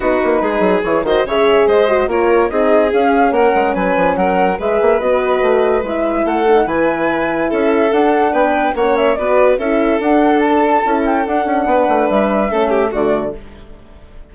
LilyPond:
<<
  \new Staff \with { instrumentName = "flute" } { \time 4/4 \tempo 4 = 144 b'2 cis''8 dis''8 e''4 | dis''4 cis''4 dis''4 f''4 | fis''4 gis''4 fis''4 e''4 | dis''2 e''4 fis''4 |
gis''2 e''4 fis''4 | g''4 fis''8 e''8 d''4 e''4 | fis''4 a''4. g''8 fis''4~ | fis''4 e''2 d''4 | }
  \new Staff \with { instrumentName = "violin" } { \time 4/4 fis'4 gis'4. c''8 cis''4 | c''4 ais'4 gis'2 | ais'4 b'4 ais'4 b'4~ | b'2. a'4 |
b'2 a'2 | b'4 cis''4 b'4 a'4~ | a'1 | b'2 a'8 g'8 fis'4 | }
  \new Staff \with { instrumentName = "horn" } { \time 4/4 dis'2 e'8 fis'8 gis'4~ | gis'8 fis'8 f'4 dis'4 cis'4~ | cis'2. gis'4 | fis'2 e'4. dis'8 |
e'2. d'4~ | d'4 cis'4 fis'4 e'4 | d'2 e'4 d'4~ | d'2 cis'4 a4 | }
  \new Staff \with { instrumentName = "bassoon" } { \time 4/4 b8 ais8 gis8 fis8 e8 dis8 cis4 | gis4 ais4 c'4 cis'4 | ais8 gis8 fis8 f8 fis4 gis8 ais8 | b4 a4 gis4 a4 |
e2 cis'4 d'4 | b4 ais4 b4 cis'4 | d'2 cis'4 d'8 cis'8 | b8 a8 g4 a4 d4 | }
>>